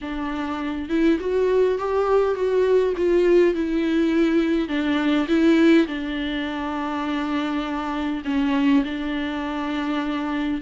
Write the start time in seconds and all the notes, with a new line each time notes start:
0.01 D4
0.89 E4
1.20 F#4
1.78 G4
2.34 F#4
2.97 F4
3.54 E4
4.68 D4
5.28 E4
5.87 D4
8.24 C#4
8.84 D4